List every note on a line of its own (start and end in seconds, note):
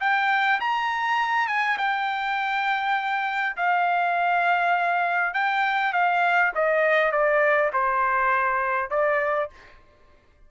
0.00 0.59 G5
0.60 1.47 A#5
1.47 1.77 G#5
1.78 3.56 G5
3.56 5.33 F5
5.33 5.92 G5
5.92 6.52 F5
6.55 7.11 D#5
7.11 7.71 D5
7.73 8.90 C5
8.90 9.49 D5